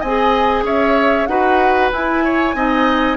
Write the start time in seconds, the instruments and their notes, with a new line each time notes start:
0.00 bassoon C4, clarinet G#4, oboe D#5, flute G#5
0.63 bassoon C#4, oboe C#5, flute E5
1.26 bassoon D#4, clarinet F#4, oboe B4, flute F#5
1.92 clarinet E4, bassoon E4, flute G#5
2.24 oboe C#5
2.54 bassoon C4, clarinet D#4, oboe D#5